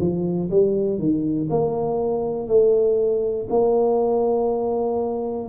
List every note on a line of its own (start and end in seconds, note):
0.00 0.50 F3
0.50 0.99 G3
0.99 1.49 D#3
1.50 2.48 A#3
2.48 3.48 A3
3.50 5.48 A#3